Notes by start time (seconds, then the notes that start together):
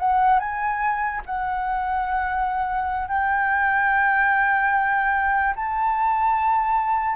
0.00 F#5
0.40 G#5
1.27 F#5
3.09 G5
5.57 A5